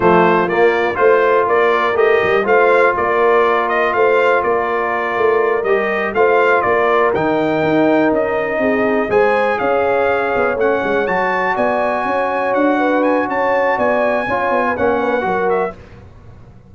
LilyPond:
<<
  \new Staff \with { instrumentName = "trumpet" } { \time 4/4 \tempo 4 = 122 c''4 d''4 c''4 d''4 | dis''4 f''4 d''4. dis''8 | f''4 d''2~ d''8 dis''8~ | dis''8 f''4 d''4 g''4.~ |
g''8 dis''2 gis''4 f''8~ | f''4. fis''4 a''4 gis''8~ | gis''4. fis''4 gis''8 a''4 | gis''2 fis''4. e''8 | }
  \new Staff \with { instrumentName = "horn" } { \time 4/4 f'2 c''4 ais'4~ | ais'4 c''4 ais'2 | c''4 ais'2.~ | ais'8 c''4 ais'2~ ais'8~ |
ais'4. gis'4 c''4 cis''8~ | cis''2.~ cis''8 d''8~ | d''8 cis''4. b'4 cis''4 | d''4 cis''8. b'16 cis''8 b'8 ais'4 | }
  \new Staff \with { instrumentName = "trombone" } { \time 4/4 a4 ais4 f'2 | g'4 f'2.~ | f'2.~ f'8 g'8~ | g'8 f'2 dis'4.~ |
dis'2~ dis'8 gis'4.~ | gis'4. cis'4 fis'4.~ | fis'1~ | fis'4 f'4 cis'4 fis'4 | }
  \new Staff \with { instrumentName = "tuba" } { \time 4/4 f4 ais4 a4 ais4 | a8 g8 a4 ais2 | a4 ais4. a4 g8~ | g8 a4 ais4 dis4 dis'8~ |
dis'8 cis'4 c'4 gis4 cis'8~ | cis'4 b8 a8 gis8 fis4 b8~ | b8 cis'4 d'4. cis'4 | b4 cis'8 b8 ais4 fis4 | }
>>